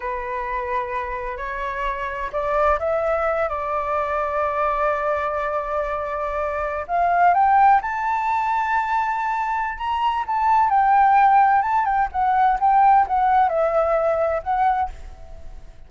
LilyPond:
\new Staff \with { instrumentName = "flute" } { \time 4/4 \tempo 4 = 129 b'2. cis''4~ | cis''4 d''4 e''4. d''8~ | d''1~ | d''2~ d''8. f''4 g''16~ |
g''8. a''2.~ a''16~ | a''4 ais''4 a''4 g''4~ | g''4 a''8 g''8 fis''4 g''4 | fis''4 e''2 fis''4 | }